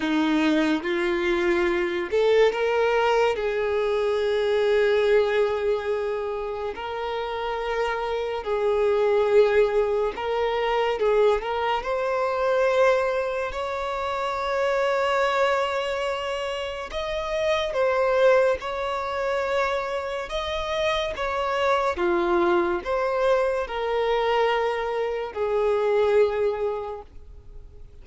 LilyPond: \new Staff \with { instrumentName = "violin" } { \time 4/4 \tempo 4 = 71 dis'4 f'4. a'8 ais'4 | gis'1 | ais'2 gis'2 | ais'4 gis'8 ais'8 c''2 |
cis''1 | dis''4 c''4 cis''2 | dis''4 cis''4 f'4 c''4 | ais'2 gis'2 | }